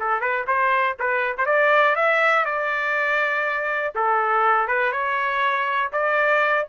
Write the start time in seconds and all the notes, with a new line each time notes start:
0.00 A4
0.21 B4
0.48 C5
0.99 B4
1.38 C5
1.46 D5
1.96 E5
2.46 D5
3.95 A4
4.68 B4
4.92 C#5
5.93 D5